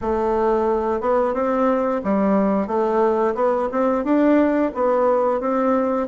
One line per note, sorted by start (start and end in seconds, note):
0.01 1.01 A3
1.01 1.33 B3
1.33 2.01 C4
2.04 2.67 G3
2.67 3.34 A3
3.35 3.68 B3
3.71 4.04 C4
4.04 4.71 D4
4.74 5.40 B3
5.40 6.07 C4